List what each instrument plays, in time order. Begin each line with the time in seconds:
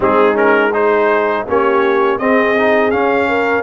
0.00 tuba G#3, trombone C4, horn D#4, trumpet G#4
0.34 trombone C#4, trumpet A#4
0.73 trombone D#4, horn G#4, trumpet C5
1.46 tuba A#3, trombone C#4, horn G4, trumpet C#5
2.18 trombone C4, tuba C4, horn G#4, trumpet D#5
2.56 trombone D#4
2.91 trombone C#4, tuba C#4, trumpet F5
3.28 horn A#4